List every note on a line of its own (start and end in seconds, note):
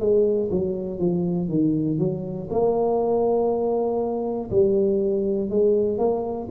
0.00 0.50 G#3
0.51 0.99 F#3
0.99 1.49 F3
1.49 1.99 D#3
1.99 2.49 F#3
2.50 4.50 A#3
4.51 5.50 G3
5.50 5.99 G#3
5.99 6.49 A#3